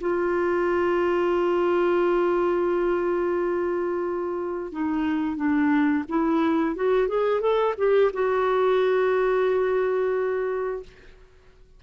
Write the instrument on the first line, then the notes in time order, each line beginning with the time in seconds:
clarinet
0.00 F4
4.72 D#4
5.36 D4
6.09 E4
6.75 F#4
7.08 G#4
7.41 A4
7.77 G4
8.13 F#4